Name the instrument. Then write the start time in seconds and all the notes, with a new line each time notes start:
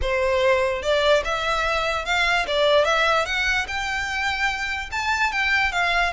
violin
0.01 C5
0.82 D5
1.24 E5
2.05 F5
2.47 D5
2.84 E5
3.25 F#5
3.67 G5
4.91 A5
5.32 G5
5.72 F5